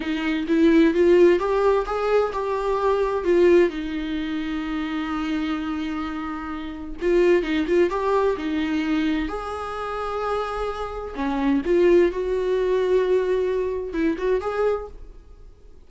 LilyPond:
\new Staff \with { instrumentName = "viola" } { \time 4/4 \tempo 4 = 129 dis'4 e'4 f'4 g'4 | gis'4 g'2 f'4 | dis'1~ | dis'2. f'4 |
dis'8 f'8 g'4 dis'2 | gis'1 | cis'4 f'4 fis'2~ | fis'2 e'8 fis'8 gis'4 | }